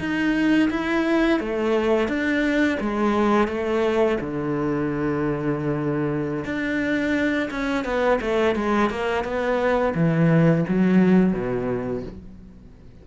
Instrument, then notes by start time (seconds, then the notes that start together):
cello
0.00 D#4
0.71 E4
1.40 A3
2.09 D4
2.81 G#3
3.49 A3
4.21 D3
6.45 D4
7.51 C#4
7.85 B3
8.21 A3
8.56 G#3
8.90 A#3
9.24 B3
9.95 E3
10.68 F#3
11.34 B2